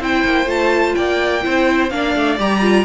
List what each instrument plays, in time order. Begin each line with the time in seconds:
0.00 cello C4, viola E4, violin C5 G5
0.25 cello A#3
0.46 cello A3, viola F4, violin A5
0.95 cello A#3, violin D5 G5
1.42 cello C4, viola E4, violin C5
1.90 cello A#3, viola D4, violin D5 F5
2.16 cello A3
2.39 cello G3, viola G4, violin A#5
2.62 viola F4